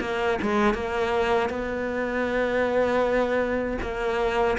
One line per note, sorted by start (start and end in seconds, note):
0.00 0.38 A#3
0.41 0.74 G#3
0.74 1.49 A#3
1.49 3.77 B3
3.81 4.57 A#3